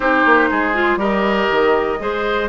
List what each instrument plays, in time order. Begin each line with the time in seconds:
0.00 bassoon C4, clarinet D#4, oboe G4, flute C5
0.25 bassoon A#3
0.50 bassoon G#3, oboe G#4
0.74 clarinet F4
0.96 bassoon G3, clarinet G4, oboe A#4, flute D#5
1.51 bassoon D#3
1.99 bassoon G#3, clarinet G#4, oboe C5